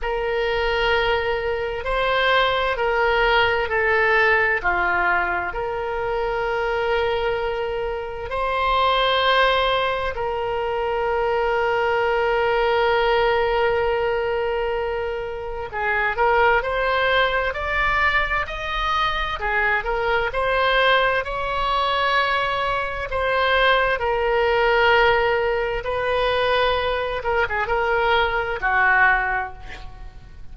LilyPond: \new Staff \with { instrumentName = "oboe" } { \time 4/4 \tempo 4 = 65 ais'2 c''4 ais'4 | a'4 f'4 ais'2~ | ais'4 c''2 ais'4~ | ais'1~ |
ais'4 gis'8 ais'8 c''4 d''4 | dis''4 gis'8 ais'8 c''4 cis''4~ | cis''4 c''4 ais'2 | b'4. ais'16 gis'16 ais'4 fis'4 | }